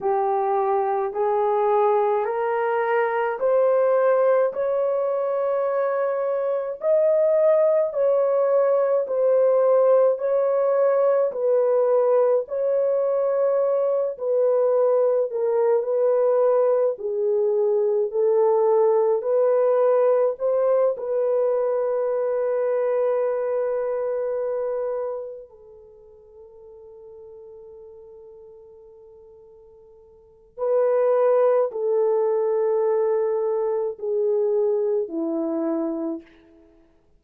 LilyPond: \new Staff \with { instrumentName = "horn" } { \time 4/4 \tempo 4 = 53 g'4 gis'4 ais'4 c''4 | cis''2 dis''4 cis''4 | c''4 cis''4 b'4 cis''4~ | cis''8 b'4 ais'8 b'4 gis'4 |
a'4 b'4 c''8 b'4.~ | b'2~ b'8 a'4.~ | a'2. b'4 | a'2 gis'4 e'4 | }